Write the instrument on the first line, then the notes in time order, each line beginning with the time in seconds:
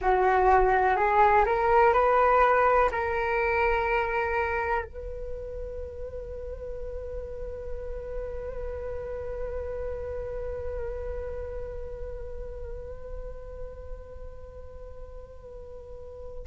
flute
0.01 F#4
0.96 G#4
1.45 A#4
1.93 B4
2.91 A#4
4.84 B4